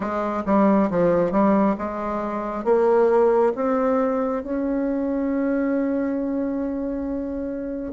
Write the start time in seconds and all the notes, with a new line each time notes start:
0.00 G#3
0.45 G3
0.90 F3
1.31 G3
1.78 G#3
2.64 A#3
3.55 C4
4.43 C#4